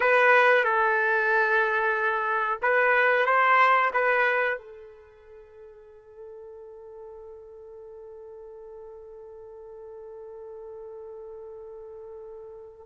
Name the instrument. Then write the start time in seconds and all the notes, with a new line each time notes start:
trumpet
0.00 B4
0.63 A4
2.62 B4
3.25 C5
3.93 B4
4.58 A4